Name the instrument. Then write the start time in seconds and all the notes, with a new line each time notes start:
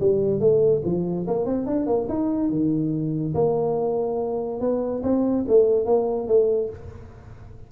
tuba
0.00 G3
0.40 A3
0.85 F3
1.27 A#3
1.46 C4
1.66 D4
1.87 A#3
2.09 D#4
2.50 D#3
3.35 A#3
4.61 B3
5.03 C4
5.48 A3
5.86 A#3
6.28 A3